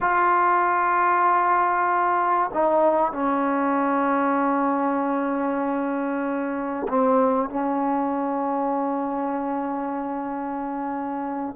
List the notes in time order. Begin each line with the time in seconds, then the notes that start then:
0.00 F4
2.53 D#4
3.12 C#4
6.88 C4
7.49 C#4